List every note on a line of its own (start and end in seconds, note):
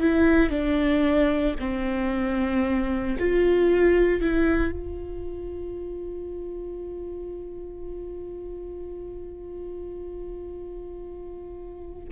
0.00 0.50 E4
0.50 1.55 D4
1.59 3.17 C4
3.19 4.21 F4
4.21 4.72 E4
4.72 12.09 F4